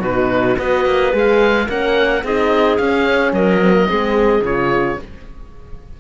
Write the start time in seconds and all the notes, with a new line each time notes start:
0.00 B2 D#4 F#4 B4
0.57 B3 F#4 B4 D#5
0.85 A#3
1.12 G#3 G#4 F5
1.67 A#3 C#4 A#4 F#5
2.23 C4 D#4 G#4 D#5
2.77 C#4 F5
3.32 F#3 A#4 D#5
3.61 C4
3.72 A#3
3.87 G#3 C4 G#4
4.41 C#3 F4 C#5